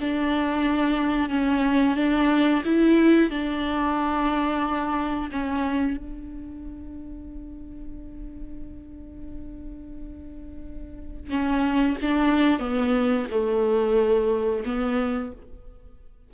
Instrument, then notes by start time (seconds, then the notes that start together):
viola
0.00 D4
1.29 C#4
1.95 D4
2.65 E4
3.30 D4
5.31 C#4
5.97 D4
11.29 C#4
12.01 D4
12.59 B3
13.30 A3
14.65 B3